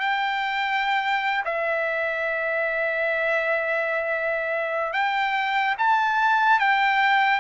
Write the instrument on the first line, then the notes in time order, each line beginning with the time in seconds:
trumpet
0.00 G5
1.45 E5
4.93 G5
5.78 A5
6.59 G5